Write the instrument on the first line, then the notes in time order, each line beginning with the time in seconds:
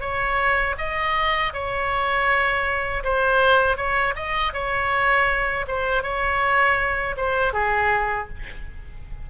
oboe
0.00 C#5
0.78 D#5
1.53 C#5
3.03 C5
3.76 C#5
4.15 D#5
4.53 C#5
5.68 C5
6.03 C#5
7.17 C5
7.53 G#4